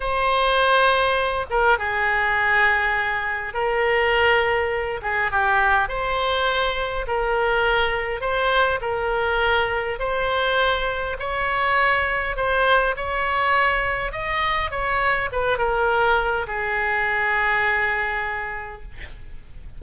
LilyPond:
\new Staff \with { instrumentName = "oboe" } { \time 4/4 \tempo 4 = 102 c''2~ c''8 ais'8 gis'4~ | gis'2 ais'2~ | ais'8 gis'8 g'4 c''2 | ais'2 c''4 ais'4~ |
ais'4 c''2 cis''4~ | cis''4 c''4 cis''2 | dis''4 cis''4 b'8 ais'4. | gis'1 | }